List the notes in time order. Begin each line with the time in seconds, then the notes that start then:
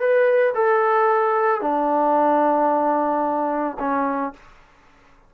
0.00 B4
0.55 A4
1.61 D4
3.80 C#4